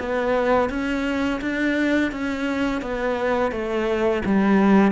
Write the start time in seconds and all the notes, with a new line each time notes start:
0.00 B3
0.70 C#4
1.41 D4
2.12 C#4
2.82 B3
3.52 A3
4.26 G3